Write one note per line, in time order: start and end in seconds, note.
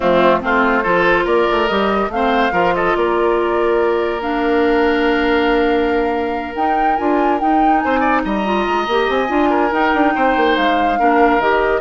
0.00 0.43 F3
0.00 0.40 A3
0.00 0.38 C4
0.00 0.41 F4
0.40 0.85 A3
0.40 0.83 C4
0.40 0.83 F4
0.40 1.26 C5
0.83 1.25 F3
0.83 1.68 F4
0.83 1.24 A4
1.24 1.47 A#3
1.24 2.09 A#4
1.24 1.68 D5
1.51 1.70 A3
1.68 2.08 G3
1.68 2.10 G4
1.68 2.10 D#5
2.08 2.50 A3
2.08 2.52 C4
2.08 2.75 F5
2.15 2.52 C5
2.52 2.94 F3
2.52 4.21 F4
2.52 2.73 A#4
2.75 2.96 A4
2.75 2.95 D#5
2.95 6.55 A#3
2.95 7.84 A#4
2.95 4.21 D5
4.21 6.53 D4
4.21 6.54 F5
6.55 6.97 D#4
6.55 6.98 D#4
6.55 6.96 G5
6.96 7.41 D4
6.96 7.39 F4
6.96 7.38 G#5
7.39 8.44 D#4
7.39 7.84 D#4
7.39 7.79 G5
7.79 8.24 C4
7.79 7.99 C5
7.79 8.21 G#5
7.99 8.21 D5
8.24 8.67 G3
8.24 9.49 D#5
8.24 9.10 A#5
8.44 8.86 F4
8.67 8.87 G#3
8.87 9.08 A#3
8.87 9.27 G4
9.08 9.29 C4
9.08 9.73 G#5
9.27 9.71 D4
9.27 9.69 F4
9.49 10.13 A#4
9.71 9.92 D#4
9.71 10.98 D#4
9.71 10.57 G5
9.93 10.15 D4
10.15 10.36 C4
10.15 10.99 C5
10.36 10.57 A#3
10.57 10.99 G#3
10.57 11.40 F5
10.98 11.38 A#3
10.98 11.40 D4
10.98 11.81 A#4
11.38 11.80 D#3
11.38 11.81 G4
11.38 11.81 D#5